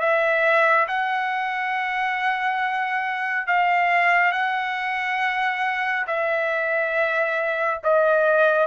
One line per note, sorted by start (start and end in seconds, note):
0.00 0.87 E5
0.88 3.47 F#5
3.47 4.32 F5
4.32 6.06 F#5
6.07 7.81 E5
7.83 8.67 D#5